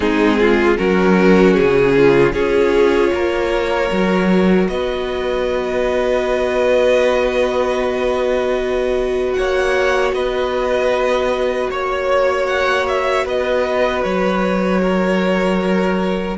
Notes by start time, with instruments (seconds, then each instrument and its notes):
0.00 cello G#3, viola C4, violin D#4 G#4
0.39 violin F4
0.77 cello F#3, viola C#4, violin F#4 A#4
1.53 violin G#4
1.61 cello C#3
1.96 violin F4
2.33 cello C#4, viola F4, violin G#4 C#5
3.12 cello A#3, violin A#4
3.91 cello F#3, viola F#4
4.67 cello B3, violin B4 D#5
9.33 cello A#3, violin C#5 F#5
10.12 cello B3, violin B4 D#5
11.69 cello A#3, violin C#5
12.47 violin F#5
12.87 violin E5
13.25 cello B3, violin B4 D#5
14.03 cello F#3, violin C#5
14.81 violin A#4